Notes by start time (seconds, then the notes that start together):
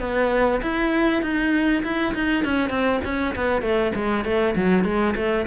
0.00 B3
0.62 E4
1.22 D#4
1.83 E4
2.14 D#4
2.44 C#4
2.70 C4
3.05 C#4
3.36 B3
3.62 A3
3.95 G#3
4.25 A3
4.56 F#3
4.84 G#3
5.16 A3